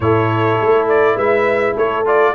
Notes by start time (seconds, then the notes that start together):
0.00 A2 E4 A4 C#5
0.60 A3
0.88 D5
1.14 G#3 B4 E5
1.75 A3 A4 C#5
2.05 F4 D5